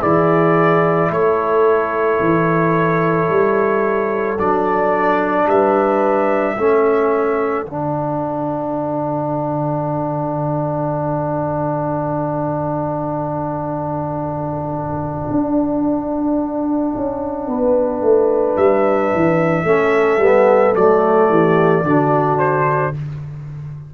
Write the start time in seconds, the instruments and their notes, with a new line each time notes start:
0.00 tuba E3, trombone E4, horn G#4, trumpet D5
1.10 tuba A3, horn A4, trumpet C#5
2.20 tuba E3
3.29 tuba G3
4.39 tuba F#3, trombone D4, trumpet D5
5.47 tuba G3, horn B4, trumpet E5
6.56 tuba A3, trombone C#4, horn A4
7.65 tuba D3, trombone D4, trumpet F#5
15.31 tuba D4
16.96 tuba C#4
17.48 tuba B3, horn B4
18.02 tuba A3
18.57 tuba G3, trumpet E5
19.15 tuba E3
19.64 tuba A3, trombone C#4, horn A4
20.18 tuba G3, trombone B3
20.75 tuba F#3, trombone A3, trumpet D5
21.30 tuba E3, horn G4
21.83 tuba D3, trombone D4, horn F#4
22.39 trumpet C5